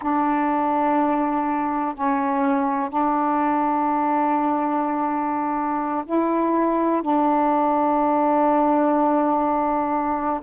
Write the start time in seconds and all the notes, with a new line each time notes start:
0.01 D4
1.94 C#4
2.89 D4
6.05 E4
7.02 D4